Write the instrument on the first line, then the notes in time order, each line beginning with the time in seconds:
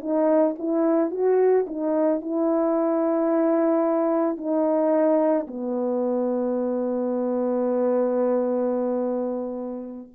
horn
0.00 D#4
0.58 E4
1.11 F#4
1.67 D#4
2.21 E4
4.37 D#4
5.47 B3